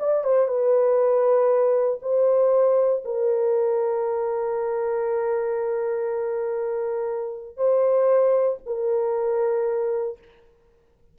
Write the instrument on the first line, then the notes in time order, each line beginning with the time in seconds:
horn
0.00 D5
0.24 C5
0.48 B4
2.02 C5
3.05 A#4
7.57 C5
8.66 A#4